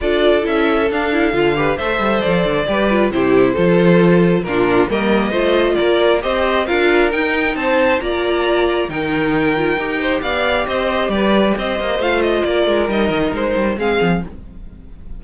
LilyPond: <<
  \new Staff \with { instrumentName = "violin" } { \time 4/4 \tempo 4 = 135 d''4 e''4 f''2 | e''4 d''2 c''4~ | c''2 ais'4 dis''4~ | dis''4 d''4 dis''4 f''4 |
g''4 a''4 ais''2 | g''2. f''4 | dis''4 d''4 dis''4 f''8 dis''8 | d''4 dis''4 c''4 f''4 | }
  \new Staff \with { instrumentName = "violin" } { \time 4/4 a'2.~ a'8 b'8 | c''2 b'4 g'4 | a'2 f'4 ais'4 | c''4 ais'4 c''4 ais'4~ |
ais'4 c''4 d''2 | ais'2~ ais'8 c''8 d''4 | c''4 b'4 c''2 | ais'2. gis'4 | }
  \new Staff \with { instrumentName = "viola" } { \time 4/4 f'4 e'4 d'8 e'8 f'8 g'8 | a'2 g'8 f'8 e'4 | f'2 d'4 ais4 | f'2 g'4 f'4 |
dis'2 f'2 | dis'4. f'8 g'2~ | g'2. f'4~ | f'4 dis'2 c'4 | }
  \new Staff \with { instrumentName = "cello" } { \time 4/4 d'4 cis'4 d'4 d4 | a8 g8 f8 d8 g4 c4 | f2 ais,4 g4 | a4 ais4 c'4 d'4 |
dis'4 c'4 ais2 | dis2 dis'4 b4 | c'4 g4 c'8 ais8 a4 | ais8 gis8 g8 dis8 gis8 g8 gis8 f8 | }
>>